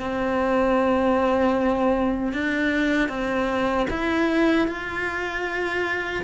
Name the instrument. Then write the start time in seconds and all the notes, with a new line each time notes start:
cello
0.00 C4
2.33 D4
3.09 C4
3.90 E4
4.68 F4